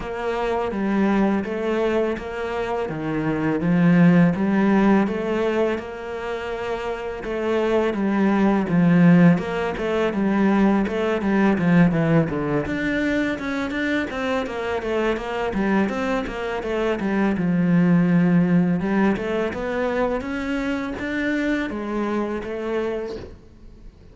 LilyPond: \new Staff \with { instrumentName = "cello" } { \time 4/4 \tempo 4 = 83 ais4 g4 a4 ais4 | dis4 f4 g4 a4 | ais2 a4 g4 | f4 ais8 a8 g4 a8 g8 |
f8 e8 d8 d'4 cis'8 d'8 c'8 | ais8 a8 ais8 g8 c'8 ais8 a8 g8 | f2 g8 a8 b4 | cis'4 d'4 gis4 a4 | }